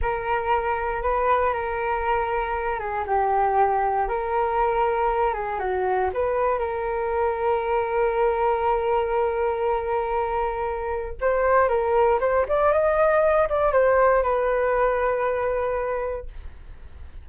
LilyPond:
\new Staff \with { instrumentName = "flute" } { \time 4/4 \tempo 4 = 118 ais'2 b'4 ais'4~ | ais'4. gis'8 g'2 | ais'2~ ais'8 gis'8 fis'4 | b'4 ais'2.~ |
ais'1~ | ais'2 c''4 ais'4 | c''8 d''8 dis''4. d''8 c''4 | b'1 | }